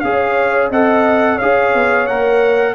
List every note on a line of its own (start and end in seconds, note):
0.00 0.70 C#4
0.00 0.72 G#4
0.00 0.70 C#5
0.00 0.68 F5
0.70 1.38 C4
0.70 1.40 A4
0.70 1.35 D#5
0.70 1.38 F#5
1.35 2.08 G#4
1.35 2.72 C#5
1.35 2.06 F5
1.42 1.74 C#4
1.74 2.08 B3
2.06 2.74 A#3
2.06 2.74 A#4
2.06 2.74 F#5